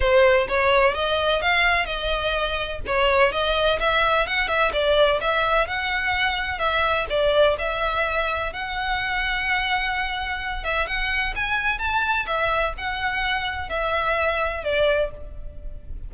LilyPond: \new Staff \with { instrumentName = "violin" } { \time 4/4 \tempo 4 = 127 c''4 cis''4 dis''4 f''4 | dis''2 cis''4 dis''4 | e''4 fis''8 e''8 d''4 e''4 | fis''2 e''4 d''4 |
e''2 fis''2~ | fis''2~ fis''8 e''8 fis''4 | gis''4 a''4 e''4 fis''4~ | fis''4 e''2 d''4 | }